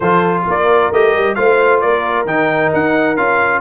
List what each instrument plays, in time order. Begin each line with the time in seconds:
0.00 tuba F3, trombone F4, horn A4, trumpet C5
0.47 tuba A#3, horn A#4, trumpet D5
0.91 tuba A3, trombone G4, trumpet D#5
1.13 tuba G3
1.34 tuba A3, trombone F4, horn C5, trumpet F5
1.80 tuba A#3, horn A#4, trumpet D5
2.25 tuba D#3, trombone D#4, trumpet G5
2.73 tuba D#4, trumpet F#5
3.16 tuba C#4, trombone F4, trumpet F5